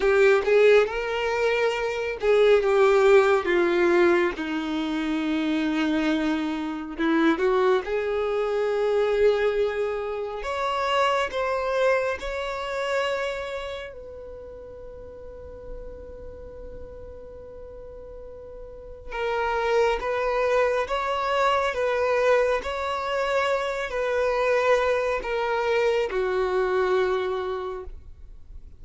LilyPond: \new Staff \with { instrumentName = "violin" } { \time 4/4 \tempo 4 = 69 g'8 gis'8 ais'4. gis'8 g'4 | f'4 dis'2. | e'8 fis'8 gis'2. | cis''4 c''4 cis''2 |
b'1~ | b'2 ais'4 b'4 | cis''4 b'4 cis''4. b'8~ | b'4 ais'4 fis'2 | }